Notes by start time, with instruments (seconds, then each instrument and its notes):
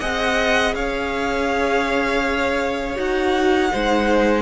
0.00 cello C4, viola G#4, violin D#5 F#5
0.74 cello C#4, violin C#5 F5
2.95 cello D#4, viola F#4, violin F#5
3.70 cello G#3, viola D#4, violin C5